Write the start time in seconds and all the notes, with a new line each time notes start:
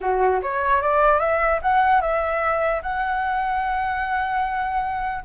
0.00 F#4
0.42 C#5
0.81 D5
1.19 E5
1.61 F#5
2.01 E5
2.82 F#5